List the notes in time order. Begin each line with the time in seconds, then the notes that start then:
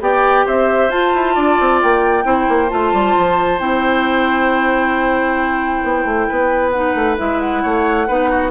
0.00 B3 G4 D5 G5
0.46 C4 C5 E5
0.89 F4 A5
1.15 E4
1.35 D4 D5
1.60 C4
1.82 A#3 G5
2.23 C4 E4 C5
2.48 A#3
2.68 A3 F4 A5
2.93 G3
3.17 F3
3.59 C4 E4 G5
5.83 B3
6.04 A3
6.28 B3 B4
6.71 D#4 F#5
6.94 A3
7.17 G#3 E4 E5
7.40 F#5
7.62 A3 C#5
8.07 B3 D#4 B4
8.30 F#4